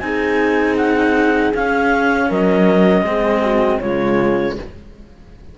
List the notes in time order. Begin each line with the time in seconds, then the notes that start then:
0.00 C4 D#4 G#4 G#5
0.77 F#5
1.54 C#4 F5
2.29 F#3 A#4 D#5
3.03 G#3 C4 G#4
3.43 F#4
3.80 C#3 G#3 F4 C#5